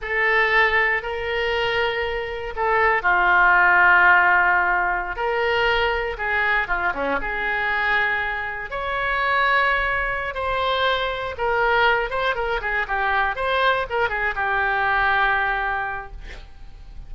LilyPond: \new Staff \with { instrumentName = "oboe" } { \time 4/4 \tempo 4 = 119 a'2 ais'2~ | ais'4 a'4 f'2~ | f'2~ f'16 ais'4.~ ais'16~ | ais'16 gis'4 f'8 cis'8 gis'4.~ gis'16~ |
gis'4~ gis'16 cis''2~ cis''8.~ | cis''8 c''2 ais'4. | c''8 ais'8 gis'8 g'4 c''4 ais'8 | gis'8 g'2.~ g'8 | }